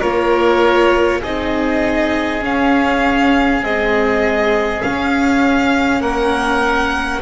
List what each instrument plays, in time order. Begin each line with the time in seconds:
0.00 double bass A#3, viola F4, oboe A#4, violin C#5
1.21 double bass C4, viola D#4, oboe G#4, violin D#5
2.41 viola C#4, double bass C#4, violin F5
3.62 viola G#3, double bass C4, violin D#5
4.82 viola C#4, double bass C#4, violin F5
6.01 double bass A#3, oboe A#4, violin F#5